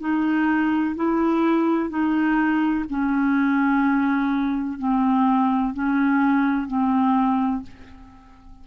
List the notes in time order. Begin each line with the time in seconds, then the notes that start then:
0.00 D#4
0.96 E4
1.90 D#4
2.90 C#4
4.78 C4
5.74 C#4
6.67 C4